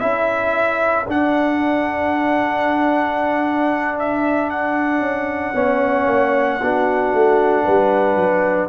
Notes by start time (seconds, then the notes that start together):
0.00 C#4 E4 A4 E5
1.07 D4 F#5
3.99 E5
4.50 F#5
5.00 C#4
5.53 B3 C#4 C#5
6.07 A#3
6.61 B3 D4 F#4
7.14 A3
7.64 G3 B4
8.16 F#3